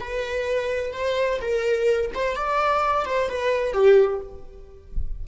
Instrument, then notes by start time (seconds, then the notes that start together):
viola
0.00 B4
0.93 C5
1.41 A#4
2.14 C5
2.36 D5
3.05 C5
3.29 B4
3.73 G4